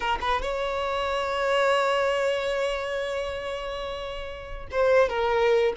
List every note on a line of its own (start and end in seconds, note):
0.00 0.18 A#4
0.20 0.42 B4
0.42 4.67 C#5
4.71 5.09 C5
5.09 5.73 A#4